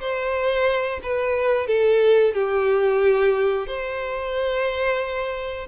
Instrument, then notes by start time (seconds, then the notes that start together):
violin
0.00 C5
1.03 B4
1.67 A4
2.34 G4
3.67 C5